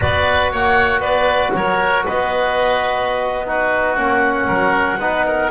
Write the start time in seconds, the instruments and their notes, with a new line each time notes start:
0.01 double bass B3, trombone F#4, oboe B4, clarinet D5
0.52 double bass A#3, oboe C#5, clarinet F#5
0.99 double bass B3, oboe B4, clarinet D5
1.53 double bass F#3, oboe A#4, clarinet C#5
2.05 double bass B3, oboe B4, clarinet D#5
3.46 trombone D#4, oboe F#4, clarinet B4
3.96 double bass A#3, trombone C#4, clarinet F#5
4.47 double bass F#3, oboe A#4
4.98 double bass B3, trombone D#4, oboe B4
5.26 oboe A#4